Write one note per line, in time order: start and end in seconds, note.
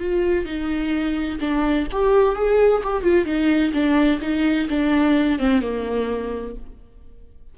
0.00 0.46 F4
0.46 1.39 D#4
1.40 1.87 D4
1.92 2.36 G4
2.36 2.83 G#4
2.84 3.03 G4
3.03 3.26 F4
3.26 3.72 D#4
3.73 4.20 D4
4.22 4.69 D#4
4.69 5.39 D4
5.39 5.62 C4
5.62 6.56 A#3